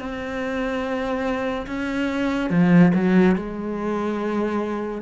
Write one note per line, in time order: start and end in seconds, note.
0.00 1.67 C4
1.67 2.51 C#4
2.51 2.92 F3
2.95 3.36 F#3
3.36 5.02 G#3